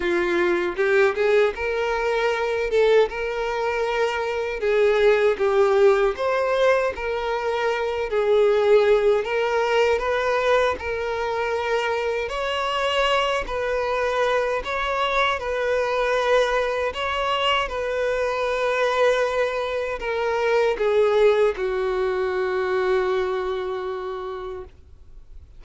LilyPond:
\new Staff \with { instrumentName = "violin" } { \time 4/4 \tempo 4 = 78 f'4 g'8 gis'8 ais'4. a'8 | ais'2 gis'4 g'4 | c''4 ais'4. gis'4. | ais'4 b'4 ais'2 |
cis''4. b'4. cis''4 | b'2 cis''4 b'4~ | b'2 ais'4 gis'4 | fis'1 | }